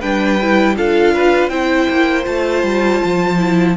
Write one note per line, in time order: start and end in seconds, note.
0.00 0.77 G3
0.00 0.40 D4
0.00 0.75 B4
0.00 0.76 G5
0.42 0.77 E4
0.77 1.50 D4
0.77 1.51 F4
0.77 1.14 A4
0.77 1.49 F5
1.14 1.51 B4
1.49 1.87 C4
1.49 2.24 E4
1.49 3.76 C5
1.49 2.24 G5
1.89 2.27 A#3
2.24 2.63 A3
2.24 3.36 F4
2.24 3.77 A5
2.63 3.01 G3
3.04 3.77 F3
3.38 3.76 E4